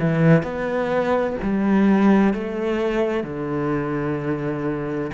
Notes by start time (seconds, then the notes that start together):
0.00 E3
0.43 B3
1.43 G3
2.34 A3
3.24 D3